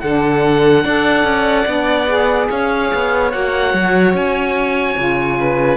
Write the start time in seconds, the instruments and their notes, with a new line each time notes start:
0.00 cello D3, saxophone D4, violin A4, oboe F#5
0.84 cello D4, saxophone A4, violin D5
1.24 cello C#4
1.66 cello B3, saxophone D4
2.07 saxophone G#4
2.50 cello C#4, violin C#5, oboe F5
2.94 cello B3
3.31 cello A#3, saxophone F#4, oboe F#5
3.73 cello F#3
4.13 cello C#4, oboe G#5
4.96 cello C#3, saxophone F4
5.40 violin B4